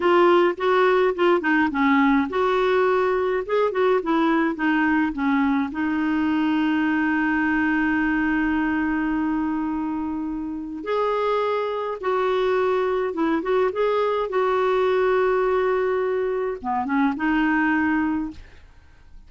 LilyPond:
\new Staff \with { instrumentName = "clarinet" } { \time 4/4 \tempo 4 = 105 f'4 fis'4 f'8 dis'8 cis'4 | fis'2 gis'8 fis'8 e'4 | dis'4 cis'4 dis'2~ | dis'1~ |
dis'2. gis'4~ | gis'4 fis'2 e'8 fis'8 | gis'4 fis'2.~ | fis'4 b8 cis'8 dis'2 | }